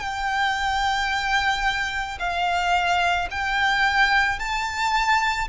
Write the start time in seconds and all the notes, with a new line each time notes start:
0.00 G5
2.19 F5
3.31 G5
4.39 A5